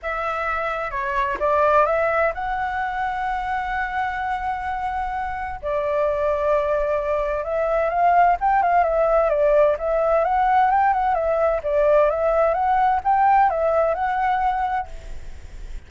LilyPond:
\new Staff \with { instrumentName = "flute" } { \time 4/4 \tempo 4 = 129 e''2 cis''4 d''4 | e''4 fis''2.~ | fis''1 | d''1 |
e''4 f''4 g''8 f''8 e''4 | d''4 e''4 fis''4 g''8 fis''8 | e''4 d''4 e''4 fis''4 | g''4 e''4 fis''2 | }